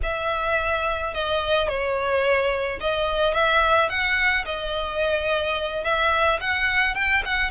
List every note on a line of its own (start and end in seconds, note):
0.02 1.13 E5
1.14 1.68 D#5
1.68 2.79 C#5
2.80 3.34 D#5
3.34 3.89 E5
3.89 4.44 F#5
4.45 5.83 D#5
5.83 6.39 E5
6.40 6.94 F#5
6.94 7.22 G5
7.25 7.50 F#5